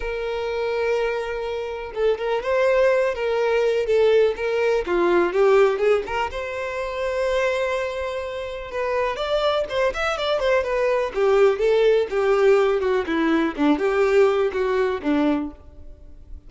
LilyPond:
\new Staff \with { instrumentName = "violin" } { \time 4/4 \tempo 4 = 124 ais'1 | a'8 ais'8 c''4. ais'4. | a'4 ais'4 f'4 g'4 | gis'8 ais'8 c''2.~ |
c''2 b'4 d''4 | c''8 e''8 d''8 c''8 b'4 g'4 | a'4 g'4. fis'8 e'4 | d'8 g'4. fis'4 d'4 | }